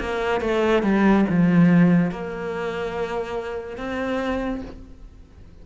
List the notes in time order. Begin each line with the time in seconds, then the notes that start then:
0.00 A#3
0.41 A3
0.83 G3
1.29 F3
2.11 A#3
3.77 C4